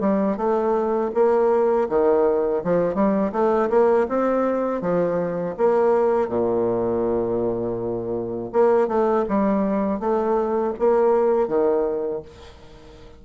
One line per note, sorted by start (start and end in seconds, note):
0.00 0.37 G3
0.37 1.11 A3
1.14 1.88 A#3
1.89 2.63 D#3
2.64 2.95 F3
2.95 3.32 G3
3.32 3.69 A3
3.70 4.07 A#3
4.09 4.81 C4
4.81 5.56 F3
5.58 6.29 A#3
6.29 8.51 A#2
8.53 8.88 A#3
8.88 9.25 A3
9.29 10.00 G3
10.00 10.74 A3
10.79 11.48 A#3
11.48 12.22 D#3